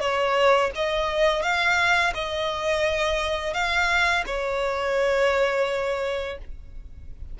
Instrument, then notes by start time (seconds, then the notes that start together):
violin
0.00 C#5
0.75 D#5
1.42 F5
2.14 D#5
3.54 F5
4.26 C#5